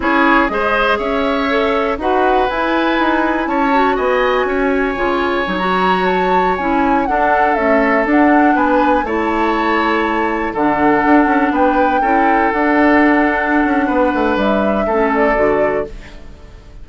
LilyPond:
<<
  \new Staff \with { instrumentName = "flute" } { \time 4/4 \tempo 4 = 121 cis''4 dis''4 e''2 | fis''4 gis''2 a''4 | gis''2.~ gis''16 ais''8.~ | ais''16 a''4 gis''4 fis''4 e''8.~ |
e''16 fis''4 gis''4 a''4.~ a''16~ | a''4~ a''16 fis''2 g''8.~ | g''4~ g''16 fis''2~ fis''8.~ | fis''4 e''4. d''4. | }
  \new Staff \with { instrumentName = "oboe" } { \time 4/4 gis'4 c''4 cis''2 | b'2. cis''4 | dis''4 cis''2.~ | cis''2~ cis''16 a'4.~ a'16~ |
a'4~ a'16 b'4 cis''4.~ cis''16~ | cis''4~ cis''16 a'2 b'8.~ | b'16 a'2.~ a'8. | b'2 a'2 | }
  \new Staff \with { instrumentName = "clarinet" } { \time 4/4 e'4 gis'2 a'4 | fis'4 e'2~ e'8 fis'8~ | fis'2 f'4 dis'16 fis'8.~ | fis'4~ fis'16 e'4 d'4 a8.~ |
a16 d'2 e'4.~ e'16~ | e'4~ e'16 d'2~ d'8.~ | d'16 e'4 d'2~ d'8.~ | d'2 cis'4 fis'4 | }
  \new Staff \with { instrumentName = "bassoon" } { \time 4/4 cis'4 gis4 cis'2 | dis'4 e'4 dis'4 cis'4 | b4 cis'4 cis4 fis4~ | fis4~ fis16 cis'4 d'4 cis'8.~ |
cis'16 d'4 b4 a4.~ a16~ | a4~ a16 d4 d'8 cis'8 b8.~ | b16 cis'4 d'2~ d'16 cis'8 | b8 a8 g4 a4 d4 | }
>>